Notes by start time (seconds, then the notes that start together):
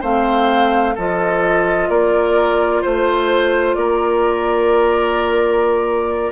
0.00 A3 C4 C5 F5
0.95 F3 F4 A4 D#5
1.88 A#3 A#4 D5
2.81 A3 C5
3.74 A#3 A#4 D5